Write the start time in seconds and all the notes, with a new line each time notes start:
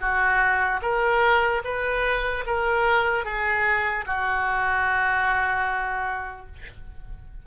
0.00 F#4
0.81 A#4
1.64 B4
2.46 A#4
3.24 G#4
4.06 F#4